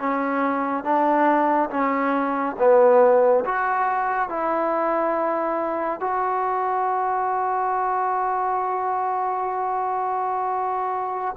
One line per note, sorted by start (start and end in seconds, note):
0.00 0.85 C#4
0.85 1.70 D4
1.71 2.56 C#4
2.59 3.45 B3
3.46 4.29 F#4
4.29 6.01 E4
6.01 11.36 F#4